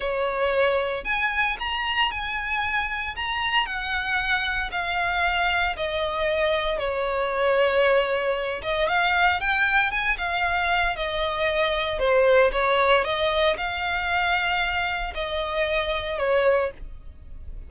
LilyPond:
\new Staff \with { instrumentName = "violin" } { \time 4/4 \tempo 4 = 115 cis''2 gis''4 ais''4 | gis''2 ais''4 fis''4~ | fis''4 f''2 dis''4~ | dis''4 cis''2.~ |
cis''8 dis''8 f''4 g''4 gis''8 f''8~ | f''4 dis''2 c''4 | cis''4 dis''4 f''2~ | f''4 dis''2 cis''4 | }